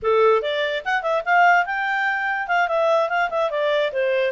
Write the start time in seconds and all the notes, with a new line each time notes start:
0.02 A4
0.41 D5
0.84 F#5
1.02 E5
1.25 F5
1.65 G5
2.47 F5
2.68 E5
3.09 F5
3.30 E5
3.50 D5
3.92 C5